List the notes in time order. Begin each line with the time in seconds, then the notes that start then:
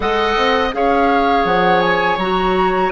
0.00 G#3 A4 D#5 F#5
0.36 C4
0.72 C#4 G#4 C#5 F5
1.44 F3 F#5
1.80 G#5
2.17 F#3 F#4 A#5